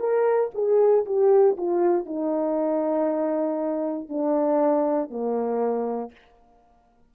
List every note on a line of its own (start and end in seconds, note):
0.00 0.51 A#4
0.55 1.05 G#4
1.06 1.57 G4
1.58 2.06 F4
2.06 4.09 D#4
4.09 5.10 D4
5.10 6.12 A#3